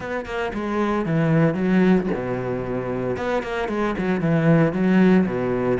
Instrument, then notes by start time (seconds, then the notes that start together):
cello
0.00 B3
0.25 A#3
0.53 G#3
1.05 E3
1.54 F#3
2.14 B2
3.16 B3
3.43 A#3
3.68 G#3
3.97 F#3
4.20 E3
4.72 F#3
5.26 B2